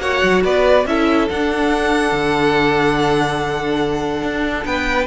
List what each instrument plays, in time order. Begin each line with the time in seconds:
0.00 cello A#3, viola F#4, violin C#5 F#5
0.23 cello F#3
0.44 cello B3, violin B4 D5
0.85 cello C#4, viola E4, violin A4 E5
1.29 viola D4, cello D4, violin F#5
2.12 cello D3
4.22 cello D4
4.65 cello B3, violin B4 G5